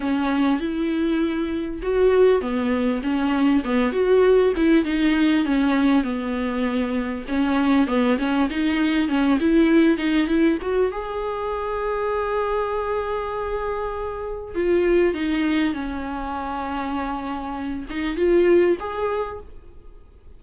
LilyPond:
\new Staff \with { instrumentName = "viola" } { \time 4/4 \tempo 4 = 99 cis'4 e'2 fis'4 | b4 cis'4 b8 fis'4 e'8 | dis'4 cis'4 b2 | cis'4 b8 cis'8 dis'4 cis'8 e'8~ |
e'8 dis'8 e'8 fis'8 gis'2~ | gis'1 | f'4 dis'4 cis'2~ | cis'4. dis'8 f'4 gis'4 | }